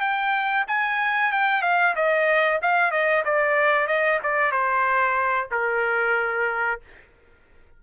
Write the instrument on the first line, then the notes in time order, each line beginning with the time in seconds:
trumpet
0.00 G5
0.67 G#5
1.32 G5
1.62 F5
1.95 D#5
2.62 F5
2.91 D#5
3.24 D5
3.87 D#5
4.23 D5
4.51 C5
5.51 A#4